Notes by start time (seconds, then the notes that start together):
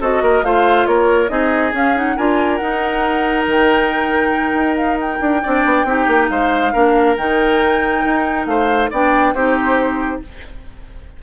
0.00 C4 F#4 A4 D#5
0.21 A#3 A#4
0.43 A3 F4 C5 F5
0.86 A#3 A#4 C#5
1.29 C4 D#4 G#4 D#5
1.72 C#4 F5
1.95 D#4 F#5
2.16 D4 F4 A#4 G#5
2.56 D#4 F#5
3.47 D#3 G5
4.53 D#4
4.76 F5
5.00 G5
5.21 D4
5.43 C4 D4 D5
5.65 B3
5.84 C4 D#4 G4
6.07 A#3
6.29 G#3 C5 F5
6.73 A#3 D4 A#4
7.17 D#3 D#4 G5
8.05 D#4
8.46 A3 C5 F5
8.90 B3 D4 D5 G5
9.34 C4 D#4 G4 C5